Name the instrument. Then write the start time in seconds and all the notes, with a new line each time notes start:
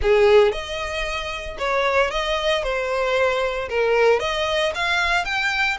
violin
0.01 G#4
0.52 D#5
1.58 C#5
2.10 D#5
2.63 C5
3.69 A#4
4.19 D#5
4.75 F5
5.24 G5